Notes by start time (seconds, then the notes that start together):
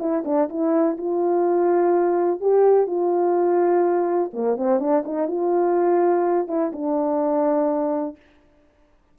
0.00 E4
0.25 D4
0.50 E4
0.98 F4
2.41 G4
2.87 F4
4.33 A#3
4.57 C4
4.80 D4
5.06 D#4
5.28 F4
6.48 E4
6.73 D4